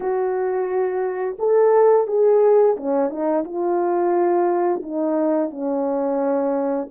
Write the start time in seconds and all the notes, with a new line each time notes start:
0.00 F#4
1.38 A4
2.07 G#4
2.76 C#4
3.09 D#4
3.44 F4
4.82 D#4
5.50 C#4